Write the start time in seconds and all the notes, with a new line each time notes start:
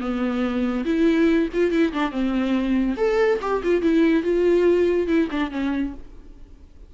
0.00 B3
0.85 E4
1.53 F4
1.71 E4
1.93 D4
2.11 C4
2.97 A4
3.41 G4
3.63 F4
3.82 E4
4.23 F4
5.07 E4
5.31 D4
5.51 C#4